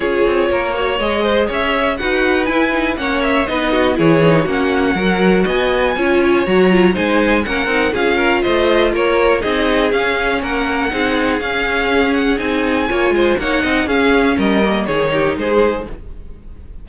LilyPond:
<<
  \new Staff \with { instrumentName = "violin" } { \time 4/4 \tempo 4 = 121 cis''2 dis''4 e''4 | fis''4 gis''4 fis''8 e''8 dis''4 | cis''4 fis''2 gis''4~ | gis''4 ais''4 gis''4 fis''4 |
f''4 dis''4 cis''4 dis''4 | f''4 fis''2 f''4~ | f''8 fis''8 gis''2 fis''4 | f''4 dis''4 cis''4 c''4 | }
  \new Staff \with { instrumentName = "violin" } { \time 4/4 gis'4 ais'8 cis''4 c''8 cis''4 | b'2 cis''4 b'8 fis'8 | gis'4 fis'4 ais'4 dis''4 | cis''2 c''4 ais'4 |
gis'8 ais'8 c''4 ais'4 gis'4~ | gis'4 ais'4 gis'2~ | gis'2 cis''8 c''8 cis''8 dis''8 | gis'4 ais'4 gis'8 g'8 gis'4 | }
  \new Staff \with { instrumentName = "viola" } { \time 4/4 f'4. fis'8 gis'2 | fis'4 e'8 dis'8 cis'4 dis'4 | e'8 dis'8 cis'4 fis'2 | f'4 fis'8 f'8 dis'4 cis'8 dis'8 |
f'2. dis'4 | cis'2 dis'4 cis'4~ | cis'4 dis'4 f'4 dis'4 | cis'4. ais8 dis'2 | }
  \new Staff \with { instrumentName = "cello" } { \time 4/4 cis'8 c'8 ais4 gis4 cis'4 | dis'4 e'4 ais4 b4 | e4 ais4 fis4 b4 | cis'4 fis4 gis4 ais8 c'8 |
cis'4 a4 ais4 c'4 | cis'4 ais4 c'4 cis'4~ | cis'4 c'4 ais8 gis8 ais8 c'8 | cis'4 g4 dis4 gis4 | }
>>